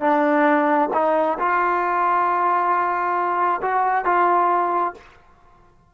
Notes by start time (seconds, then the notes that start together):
0.00 D4
0.93 D#4
1.39 F4
3.62 F#4
4.05 F4